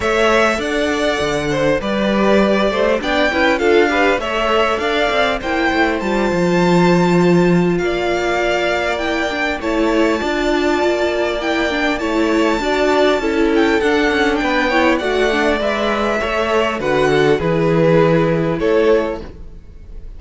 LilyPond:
<<
  \new Staff \with { instrumentName = "violin" } { \time 4/4 \tempo 4 = 100 e''4 fis''2 d''4~ | d''4 g''4 f''4 e''4 | f''4 g''4 a''2~ | a''4 f''2 g''4 |
a''2. g''4 | a''2~ a''8 g''8 fis''4 | g''4 fis''4 e''2 | fis''4 b'2 cis''4 | }
  \new Staff \with { instrumentName = "violin" } { \time 4/4 cis''4 d''4. c''8 b'4~ | b'8 c''8 d''8 b'8 a'8 b'8 cis''4 | d''4 c''2.~ | c''4 d''2. |
cis''4 d''2. | cis''4 d''4 a'2 | b'8 cis''8 d''2 cis''4 | b'8 a'8 gis'2 a'4 | }
  \new Staff \with { instrumentName = "viola" } { \time 4/4 a'2. g'4~ | g'4 d'8 e'8 f'8 g'8 a'4~ | a'4 e'4 f'2~ | f'2. e'8 d'8 |
e'4 f'2 e'8 d'8 | e'4 fis'4 e'4 d'4~ | d'8 e'8 fis'8 d'8 b'4 a'4 | fis'4 e'2. | }
  \new Staff \with { instrumentName = "cello" } { \time 4/4 a4 d'4 d4 g4~ | g8 a8 b8 cis'8 d'4 a4 | d'8 c'8 ais8 a8 g8 f4.~ | f4 ais2. |
a4 d'4 ais2 | a4 d'4 cis'4 d'8 cis'8 | b4 a4 gis4 a4 | d4 e2 a4 | }
>>